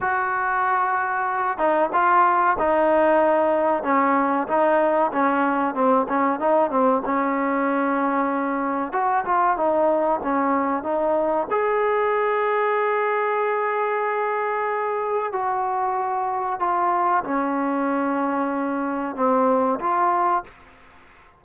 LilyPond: \new Staff \with { instrumentName = "trombone" } { \time 4/4 \tempo 4 = 94 fis'2~ fis'8 dis'8 f'4 | dis'2 cis'4 dis'4 | cis'4 c'8 cis'8 dis'8 c'8 cis'4~ | cis'2 fis'8 f'8 dis'4 |
cis'4 dis'4 gis'2~ | gis'1 | fis'2 f'4 cis'4~ | cis'2 c'4 f'4 | }